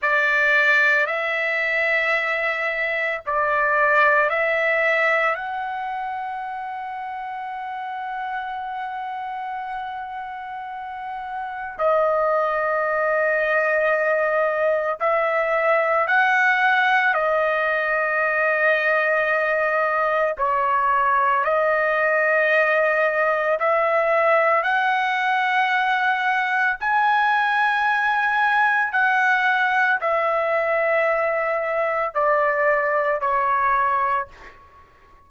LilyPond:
\new Staff \with { instrumentName = "trumpet" } { \time 4/4 \tempo 4 = 56 d''4 e''2 d''4 | e''4 fis''2.~ | fis''2. dis''4~ | dis''2 e''4 fis''4 |
dis''2. cis''4 | dis''2 e''4 fis''4~ | fis''4 gis''2 fis''4 | e''2 d''4 cis''4 | }